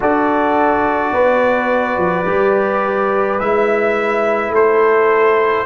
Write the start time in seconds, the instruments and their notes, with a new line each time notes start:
0.00 tuba D4, trombone F#4, horn A4, trumpet D5
1.12 tuba B3, horn B4
1.96 tuba F3
2.25 tuba G3, trombone G4
3.39 tuba G#3, trombone E4, trumpet E5
4.49 tuba A3, horn A4, trumpet C5